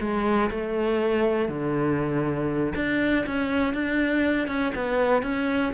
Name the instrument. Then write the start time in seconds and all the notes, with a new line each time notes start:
cello
0.00 G#3
0.51 A3
1.49 D3
2.75 D4
3.26 C#4
3.74 D4
4.48 C#4
4.75 B3
5.22 C#4